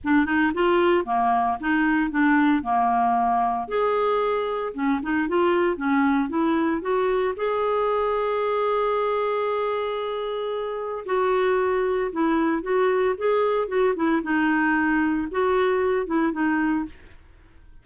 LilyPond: \new Staff \with { instrumentName = "clarinet" } { \time 4/4 \tempo 4 = 114 d'8 dis'8 f'4 ais4 dis'4 | d'4 ais2 gis'4~ | gis'4 cis'8 dis'8 f'4 cis'4 | e'4 fis'4 gis'2~ |
gis'1~ | gis'4 fis'2 e'4 | fis'4 gis'4 fis'8 e'8 dis'4~ | dis'4 fis'4. e'8 dis'4 | }